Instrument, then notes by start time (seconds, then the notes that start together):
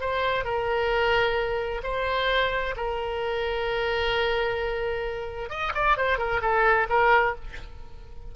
oboe
0.00 C5
0.44 A#4
1.83 C5
2.76 A#4
5.49 D#5
5.74 D5
5.97 C5
6.17 A#4
6.41 A4
6.89 A#4